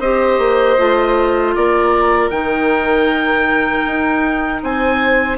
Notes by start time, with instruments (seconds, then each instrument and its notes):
0.00 bassoon C4, clarinet G4, violin C5, oboe D#5
0.38 bassoon A#3
0.78 bassoon A3, clarinet F4
1.56 bassoon A#3, violin A#4, oboe D5
2.30 bassoon D#3, clarinet D#4, oboe G5
3.87 bassoon D#4
4.63 bassoon C4, violin C5, oboe G#5